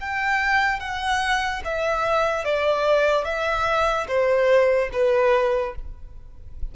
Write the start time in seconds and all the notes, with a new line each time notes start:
0.00 G5
0.80 F#5
1.64 E5
2.44 D5
3.24 E5
4.07 C5
4.92 B4